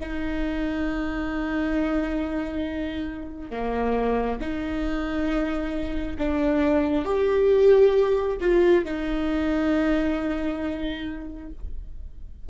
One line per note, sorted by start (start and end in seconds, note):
0.00 3.51 D#4
3.51 4.39 A#3
4.41 6.18 D#4
6.18 7.05 D4
7.05 8.38 G4
8.41 8.85 F4
8.85 11.50 D#4